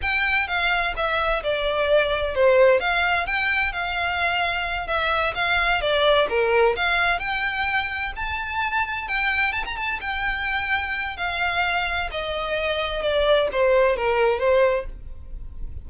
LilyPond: \new Staff \with { instrumentName = "violin" } { \time 4/4 \tempo 4 = 129 g''4 f''4 e''4 d''4~ | d''4 c''4 f''4 g''4 | f''2~ f''8 e''4 f''8~ | f''8 d''4 ais'4 f''4 g''8~ |
g''4. a''2 g''8~ | g''8 a''16 ais''16 a''8 g''2~ g''8 | f''2 dis''2 | d''4 c''4 ais'4 c''4 | }